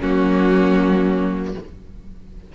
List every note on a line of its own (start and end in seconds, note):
0.00 1.54 F#3
0.00 1.54 A#3
0.00 1.52 C#4
0.00 1.54 F#4